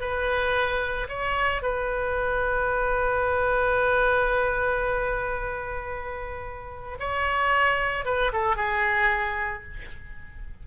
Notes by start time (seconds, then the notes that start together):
0.00 B4
1.08 C#5
1.62 B4
6.99 C#5
8.05 B4
8.32 A4
8.56 G#4